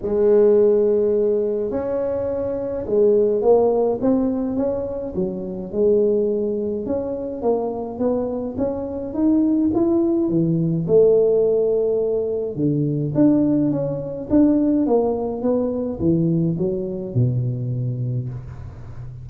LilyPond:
\new Staff \with { instrumentName = "tuba" } { \time 4/4 \tempo 4 = 105 gis2. cis'4~ | cis'4 gis4 ais4 c'4 | cis'4 fis4 gis2 | cis'4 ais4 b4 cis'4 |
dis'4 e'4 e4 a4~ | a2 d4 d'4 | cis'4 d'4 ais4 b4 | e4 fis4 b,2 | }